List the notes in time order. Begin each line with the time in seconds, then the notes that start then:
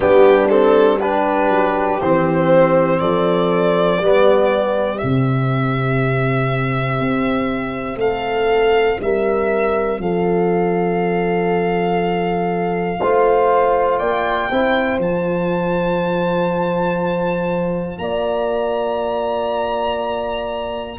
0.00 G3 B3 D4 G4
0.49 C4 A4
0.99 D4 G4 B4
1.49 F#3
2.00 E3 C4 C5
2.99 F3 A4 D5
4.00 G3 B3 G4
4.97 C3 C4 E5
7.00 C4
7.95 A3 A4 F5
9.00 G3 A#4 E5
9.99 F3 A4 F5
13.00 A3 F4 C5
13.98 A#3 D5 G5
14.50 C4 E4 C5
14.98 F3 F4 A5
17.98 A#3 D5 A#5